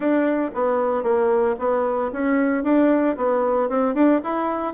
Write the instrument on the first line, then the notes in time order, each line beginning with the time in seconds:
bassoon
0.00 D4
0.54 B3
1.03 A#3
1.58 B3
2.12 C#4
2.63 D4
3.16 B3
3.69 C4
3.94 D4
4.23 E4